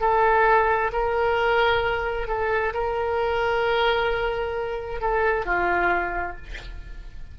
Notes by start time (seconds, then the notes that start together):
0.00 A4
0.92 A#4
2.27 A4
2.74 A#4
5.00 A4
5.45 F4